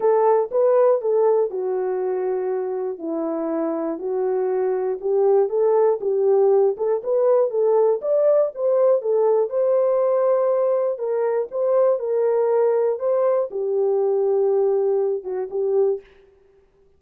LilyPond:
\new Staff \with { instrumentName = "horn" } { \time 4/4 \tempo 4 = 120 a'4 b'4 a'4 fis'4~ | fis'2 e'2 | fis'2 g'4 a'4 | g'4. a'8 b'4 a'4 |
d''4 c''4 a'4 c''4~ | c''2 ais'4 c''4 | ais'2 c''4 g'4~ | g'2~ g'8 fis'8 g'4 | }